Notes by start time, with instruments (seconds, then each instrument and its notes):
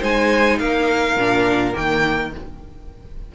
0.00 cello G#3, viola D#4, violin C5 G#5
0.58 cello A#3, violin A#4 F5
1.16 cello A#2, viola D4
1.73 cello D#3, viola A#3, violin G5